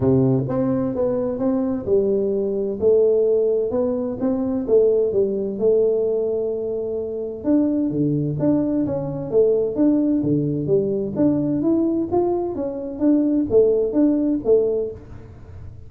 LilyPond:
\new Staff \with { instrumentName = "tuba" } { \time 4/4 \tempo 4 = 129 c4 c'4 b4 c'4 | g2 a2 | b4 c'4 a4 g4 | a1 |
d'4 d4 d'4 cis'4 | a4 d'4 d4 g4 | d'4 e'4 f'4 cis'4 | d'4 a4 d'4 a4 | }